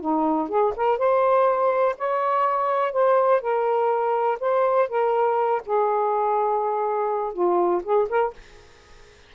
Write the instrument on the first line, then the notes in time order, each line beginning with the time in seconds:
saxophone
0.00 D#4
0.48 G#4
0.76 A#4
0.98 C5
1.98 C#5
2.92 C5
3.41 A#4
4.40 C5
4.88 A#4
5.66 G#4
7.33 F4
7.83 G#4
8.09 A#4